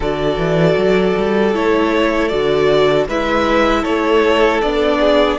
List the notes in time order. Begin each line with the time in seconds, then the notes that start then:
0.00 D3 F#4 A4 D5
0.37 E3
0.77 F#3
1.17 G3
1.53 A3 E4 C#5
2.27 D3 F#4 D5
3.07 G#3 E4 B4 E5
3.82 A3 A4 C#5
4.61 B3 D4 D5
5.00 G#4